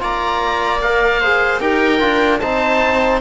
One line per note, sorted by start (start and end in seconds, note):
0.00 1.61 A#3
0.00 0.80 F4
0.00 1.21 D5
0.00 0.82 A#5
0.82 1.23 A#4
0.82 1.61 F5
1.21 1.62 G#4
1.21 1.61 C5
1.61 2.01 D#4
1.61 2.00 G4
1.61 2.41 A#4
1.61 2.40 G5
2.00 2.41 D4
2.00 2.40 F4
2.40 3.22 C4
2.40 3.22 D#4
2.40 3.22 C5
2.40 3.20 A5